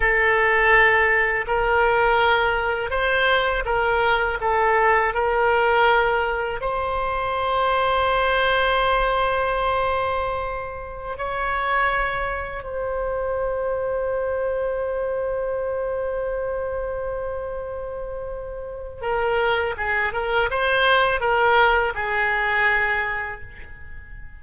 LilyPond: \new Staff \with { instrumentName = "oboe" } { \time 4/4 \tempo 4 = 82 a'2 ais'2 | c''4 ais'4 a'4 ais'4~ | ais'4 c''2.~ | c''2.~ c''16 cis''8.~ |
cis''4~ cis''16 c''2~ c''8.~ | c''1~ | c''2 ais'4 gis'8 ais'8 | c''4 ais'4 gis'2 | }